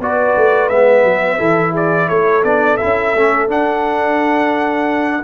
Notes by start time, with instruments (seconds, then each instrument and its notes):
0.00 tuba B3, trombone F#4, horn B4, trumpet D5
0.37 tuba A3
0.69 tuba G#3, trombone B3, trumpet E5
1.03 tuba F#3
1.38 tuba E3, trombone E4, horn A4
1.72 horn G#4, trumpet D5
2.09 tuba A3, horn A4, trumpet C#5
2.44 tuba B3, trombone D4, trumpet D5
2.78 trombone E4, trumpet E5
2.84 tuba C#4
3.14 tuba A3, trombone C#4
3.48 tuba D4, trombone D4, trumpet F#5